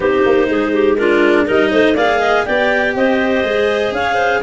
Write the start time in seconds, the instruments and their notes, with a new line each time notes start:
0.00 tuba C4, cello D#4, clarinet G4 C5
0.25 tuba A#3
0.49 tuba G#3, clarinet G#4
0.73 clarinet G4
0.97 cello D4, clarinet F4 A#4
1.44 tuba G3, cello D#4, clarinet A#4 D#5
1.70 tuba A3, clarinet C5
1.94 tuba A#3, cello G#4, clarinet D5 F5
2.19 clarinet D#5
2.45 tuba B3, cello G4, clarinet D5 G5
2.95 tuba C4, clarinet C5 D#5
3.43 tuba G#3, cello G#4
3.91 tuba C#4, clarinet C#5 F5
4.14 clarinet C5